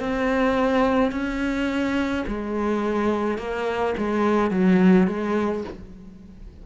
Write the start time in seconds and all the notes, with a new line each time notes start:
0.00 C4
1.12 C#4
2.27 G#3
3.38 A#3
3.98 G#3
4.51 F#3
5.07 G#3